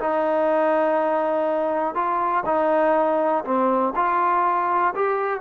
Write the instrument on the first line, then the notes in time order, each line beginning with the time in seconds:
trombone
0.00 D#4
1.95 F4
2.46 D#4
3.45 C4
3.96 F4
4.95 G4